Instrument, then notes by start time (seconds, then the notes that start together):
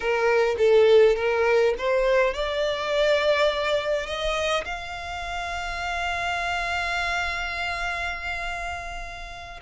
violin
0.00 A#4
0.57 A4
1.16 A#4
1.78 C5
2.34 D5
4.06 D#5
4.64 F5